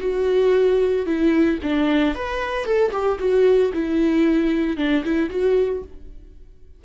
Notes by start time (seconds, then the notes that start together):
0.00 F#4
1.06 E4
1.63 D4
2.15 B4
2.65 A4
2.92 G4
3.19 F#4
3.73 E4
4.77 D4
5.04 E4
5.30 F#4